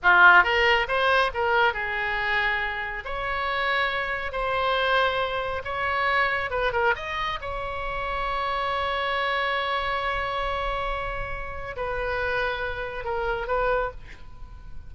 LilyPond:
\new Staff \with { instrumentName = "oboe" } { \time 4/4 \tempo 4 = 138 f'4 ais'4 c''4 ais'4 | gis'2. cis''4~ | cis''2 c''2~ | c''4 cis''2 b'8 ais'8 |
dis''4 cis''2.~ | cis''1~ | cis''2. b'4~ | b'2 ais'4 b'4 | }